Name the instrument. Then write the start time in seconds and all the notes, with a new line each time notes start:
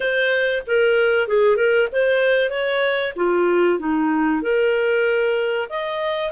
clarinet
0.00 C5
0.66 A#4
1.27 G#4
1.56 A#4
1.91 C5
2.50 C#5
3.16 F4
3.79 D#4
4.42 A#4
5.69 D#5